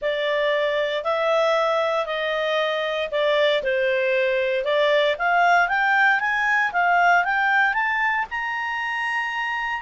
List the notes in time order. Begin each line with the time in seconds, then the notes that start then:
0.01 D5
1.03 E5
2.05 D#5
3.11 D5
3.63 C5
4.64 D5
5.18 F5
5.68 G5
6.20 G#5
6.72 F5
7.24 G5
7.73 A5
8.30 A#5